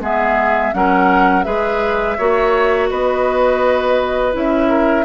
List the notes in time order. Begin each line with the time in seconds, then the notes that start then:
0.00 G#3 B3 G#4 E5
0.73 F#3 C#4 A#4 F#5
1.44 G#3 G#4 B4 E5
2.18 A#3 F#4 C#5
2.90 B3 B4 D#5
4.33 C#4 E4 E5
4.69 A#4